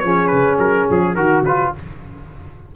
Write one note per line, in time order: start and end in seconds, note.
0.00 0.32 F3
0.00 1.16 C#4
0.00 1.16 G#4
0.00 0.28 C#5
0.28 0.59 C#3
0.28 0.56 B4
0.59 0.87 F#3
0.59 0.88 A#4
0.91 1.16 F3
0.91 1.15 G#4
1.15 1.41 D#3
1.15 1.72 F#4
1.15 1.45 F#4
1.15 1.43 A#4
1.41 1.70 C#3
1.41 1.73 B4
1.48 1.76 F4